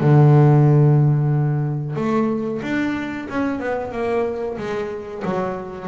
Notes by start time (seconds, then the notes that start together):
0.00 D3
1.95 A3
2.62 D4
3.29 C#4
3.59 B3
3.92 A#3
4.57 G#3
5.24 F#3